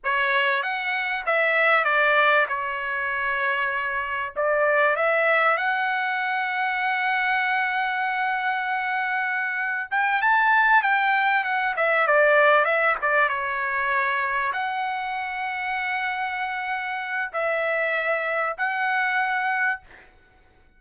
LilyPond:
\new Staff \with { instrumentName = "trumpet" } { \time 4/4 \tempo 4 = 97 cis''4 fis''4 e''4 d''4 | cis''2. d''4 | e''4 fis''2.~ | fis''1 |
g''8 a''4 g''4 fis''8 e''8 d''8~ | d''8 e''8 d''8 cis''2 fis''8~ | fis''1 | e''2 fis''2 | }